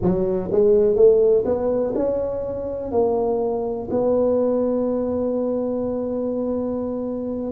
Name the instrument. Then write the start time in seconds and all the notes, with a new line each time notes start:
tuba
0.02 F#3
0.51 G#3
0.95 A3
1.45 B3
1.95 C#4
2.91 A#3
3.90 B3